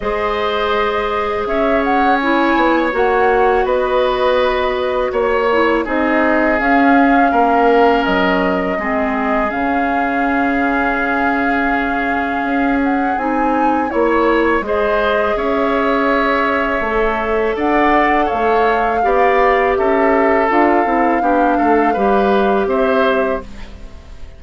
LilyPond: <<
  \new Staff \with { instrumentName = "flute" } { \time 4/4 \tempo 4 = 82 dis''2 e''8 fis''8 gis''4 | fis''4 dis''2 cis''4 | dis''4 f''2 dis''4~ | dis''4 f''2.~ |
f''4. fis''8 gis''4 cis''4 | dis''4 e''2. | fis''4 f''2 e''4 | f''2. e''4 | }
  \new Staff \with { instrumentName = "oboe" } { \time 4/4 c''2 cis''2~ | cis''4 b'2 cis''4 | gis'2 ais'2 | gis'1~ |
gis'2. cis''4 | c''4 cis''2. | d''4 cis''4 d''4 a'4~ | a'4 g'8 a'8 b'4 c''4 | }
  \new Staff \with { instrumentName = "clarinet" } { \time 4/4 gis'2. e'4 | fis'2.~ fis'8 e'8 | dis'4 cis'2. | c'4 cis'2.~ |
cis'2 dis'4 e'4 | gis'2. a'4~ | a'2 g'2 | f'8 e'8 d'4 g'2 | }
  \new Staff \with { instrumentName = "bassoon" } { \time 4/4 gis2 cis'4. b8 | ais4 b2 ais4 | c'4 cis'4 ais4 fis4 | gis4 cis2.~ |
cis4 cis'4 c'4 ais4 | gis4 cis'2 a4 | d'4 a4 b4 cis'4 | d'8 c'8 b8 a8 g4 c'4 | }
>>